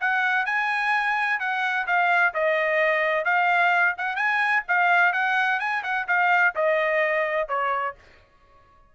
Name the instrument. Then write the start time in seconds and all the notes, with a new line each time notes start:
trumpet
0.00 F#5
0.45 G#5
1.39 F#5
1.87 F5
2.34 D#5
3.25 F5
3.97 F#5
4.16 G#5
4.68 F5
5.13 F#5
5.59 G#5
5.83 F#5
6.07 F5
6.55 D#5
7.48 C#5